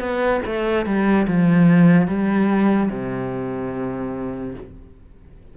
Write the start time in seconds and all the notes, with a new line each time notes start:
0.00 B3
0.46 A3
0.86 G3
1.28 F3
2.07 G3
2.91 C3